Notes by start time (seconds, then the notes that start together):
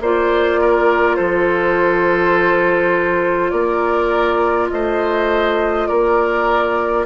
0.00 A#3 F4 C5 D5
0.61 A#4
1.15 F3 A4 C5
3.50 A#3 A#4 D5
4.69 A3 C5 D#5
5.87 A#3 A#4 D5